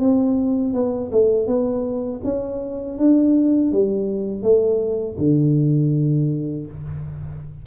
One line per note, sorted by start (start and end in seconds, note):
0.00 0.74 C4
0.74 1.11 B3
1.12 1.47 A3
1.47 2.21 B3
2.24 2.98 C#4
2.98 3.72 D4
3.72 4.42 G3
4.42 5.16 A3
5.19 6.67 D3